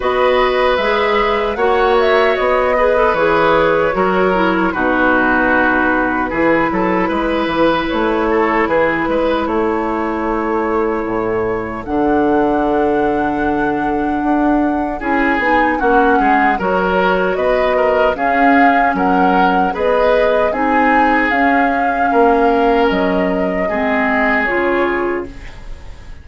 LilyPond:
<<
  \new Staff \with { instrumentName = "flute" } { \time 4/4 \tempo 4 = 76 dis''4 e''4 fis''8 e''8 dis''4 | cis''2 b'2~ | b'2 cis''4 b'4 | cis''2. fis''4~ |
fis''2. gis''4 | fis''4 cis''4 dis''4 f''4 | fis''4 dis''4 gis''4 f''4~ | f''4 dis''2 cis''4 | }
  \new Staff \with { instrumentName = "oboe" } { \time 4/4 b'2 cis''4. b'8~ | b'4 ais'4 fis'2 | gis'8 a'8 b'4. a'8 gis'8 b'8 | a'1~ |
a'2. gis'4 | fis'8 gis'8 ais'4 b'8 ais'8 gis'4 | ais'4 b'4 gis'2 | ais'2 gis'2 | }
  \new Staff \with { instrumentName = "clarinet" } { \time 4/4 fis'4 gis'4 fis'4. gis'16 a'16 | gis'4 fis'8 e'8 dis'2 | e'1~ | e'2. d'4~ |
d'2. e'8 dis'8 | cis'4 fis'2 cis'4~ | cis'4 gis'4 dis'4 cis'4~ | cis'2 c'4 f'4 | }
  \new Staff \with { instrumentName = "bassoon" } { \time 4/4 b4 gis4 ais4 b4 | e4 fis4 b,2 | e8 fis8 gis8 e8 a4 e8 gis8 | a2 a,4 d4~ |
d2 d'4 cis'8 b8 | ais8 gis8 fis4 b4 cis'4 | fis4 b4 c'4 cis'4 | ais4 fis4 gis4 cis4 | }
>>